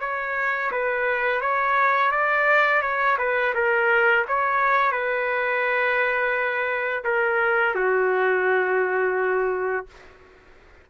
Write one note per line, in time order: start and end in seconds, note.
0.00 0.71 C#5
0.71 1.41 B4
1.41 2.11 C#5
2.11 2.82 D5
2.82 3.17 C#5
3.18 3.53 B4
3.55 4.25 A#4
4.28 4.92 C#5
4.92 7.03 B4
7.04 7.75 A#4
7.75 9.86 F#4